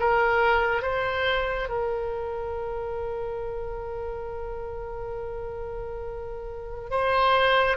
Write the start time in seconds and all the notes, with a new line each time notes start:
0.00 A#4
0.82 C5
1.69 A#4
6.91 C5